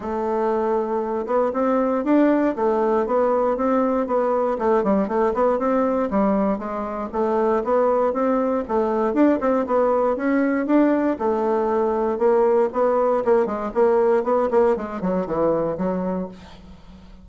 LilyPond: \new Staff \with { instrumentName = "bassoon" } { \time 4/4 \tempo 4 = 118 a2~ a8 b8 c'4 | d'4 a4 b4 c'4 | b4 a8 g8 a8 b8 c'4 | g4 gis4 a4 b4 |
c'4 a4 d'8 c'8 b4 | cis'4 d'4 a2 | ais4 b4 ais8 gis8 ais4 | b8 ais8 gis8 fis8 e4 fis4 | }